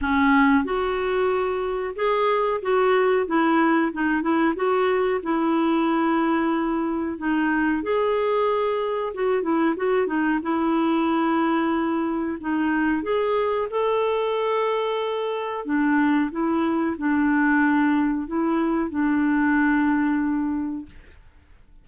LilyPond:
\new Staff \with { instrumentName = "clarinet" } { \time 4/4 \tempo 4 = 92 cis'4 fis'2 gis'4 | fis'4 e'4 dis'8 e'8 fis'4 | e'2. dis'4 | gis'2 fis'8 e'8 fis'8 dis'8 |
e'2. dis'4 | gis'4 a'2. | d'4 e'4 d'2 | e'4 d'2. | }